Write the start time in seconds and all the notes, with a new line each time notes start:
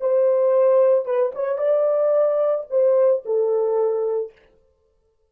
0.00 C5
1.05 B4
1.34 C#5
1.58 D5
2.70 C5
3.25 A4